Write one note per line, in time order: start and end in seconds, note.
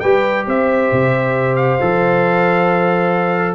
0.00 0.47 G3
0.00 1.80 G4
0.00 0.46 B4
0.00 0.44 G5
0.47 0.91 C4
0.47 3.55 C5
0.47 1.56 E5
0.92 1.80 C3
1.56 3.55 F5
1.81 3.55 F3
1.81 3.55 A4